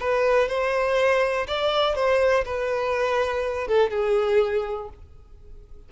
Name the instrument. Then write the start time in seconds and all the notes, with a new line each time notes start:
violin
0.00 B4
0.49 C5
1.47 D5
1.95 C5
2.45 B4
3.68 A4
3.91 G#4